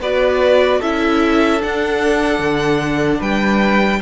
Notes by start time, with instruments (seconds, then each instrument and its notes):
0.00 cello B3, viola F#4, violin B4 D5
0.79 cello C#4, viola E4, violin A4 E5
1.60 viola D4, cello D4, violin F#5
2.39 cello D3
3.20 cello G3, violin B4 G5